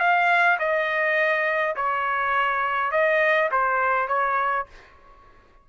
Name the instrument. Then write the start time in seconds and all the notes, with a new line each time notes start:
trumpet
0.00 F5
0.59 D#5
1.76 C#5
2.92 D#5
3.52 C5
4.08 C#5